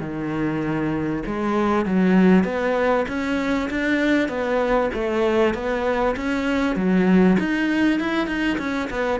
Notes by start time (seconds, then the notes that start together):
0.00 D#3
1.26 G#3
1.85 F#3
2.44 B3
3.08 C#4
3.70 D4
4.28 B3
4.93 A3
5.54 B3
6.16 C#4
6.76 F#3
7.39 D#4
8.00 E4
8.27 D#4
8.58 C#4
8.90 B3